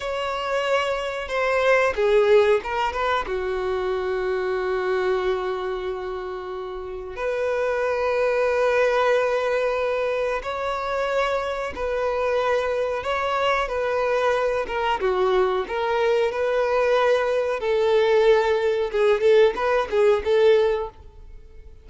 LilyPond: \new Staff \with { instrumentName = "violin" } { \time 4/4 \tempo 4 = 92 cis''2 c''4 gis'4 | ais'8 b'8 fis'2.~ | fis'2. b'4~ | b'1 |
cis''2 b'2 | cis''4 b'4. ais'8 fis'4 | ais'4 b'2 a'4~ | a'4 gis'8 a'8 b'8 gis'8 a'4 | }